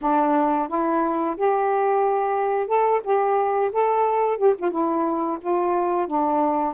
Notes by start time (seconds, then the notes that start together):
0.01 D4
0.68 E4
1.36 G4
2.67 A4
3.03 G4
3.72 A4
4.37 G4
4.58 F4
4.70 E4
5.40 F4
6.07 D4